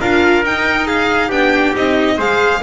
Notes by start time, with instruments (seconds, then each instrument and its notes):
0.00 double bass D4, viola F4, trumpet A#4, violin F5
0.44 double bass D#4, viola D#4, violin G5
0.87 trumpet G#4, violin F5
1.28 double bass B3, viola D4, trumpet G4, violin G5
1.74 double bass C4, viola D#4, violin D#5
2.17 double bass G#3, viola G#4, trumpet C5, violin F5